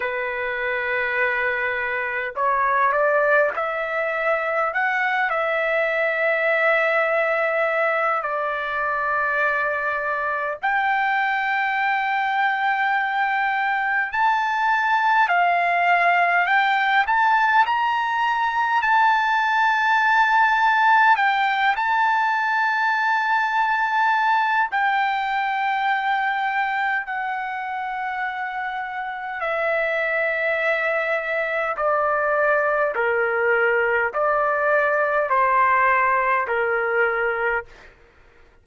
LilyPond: \new Staff \with { instrumentName = "trumpet" } { \time 4/4 \tempo 4 = 51 b'2 cis''8 d''8 e''4 | fis''8 e''2~ e''8 d''4~ | d''4 g''2. | a''4 f''4 g''8 a''8 ais''4 |
a''2 g''8 a''4.~ | a''4 g''2 fis''4~ | fis''4 e''2 d''4 | ais'4 d''4 c''4 ais'4 | }